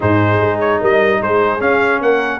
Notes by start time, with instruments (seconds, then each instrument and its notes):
0.00 tuba G#2, trombone D#4, horn G#4, trumpet C5
0.40 tuba G#3
0.59 trumpet C#5
0.80 tuba G3, horn A#4, trumpet D#5
1.21 tuba G#3, horn G#4, trumpet C5
1.59 trombone C#4, tuba C#4, trumpet F5
2.01 tuba A#3, horn A#4, trumpet F#5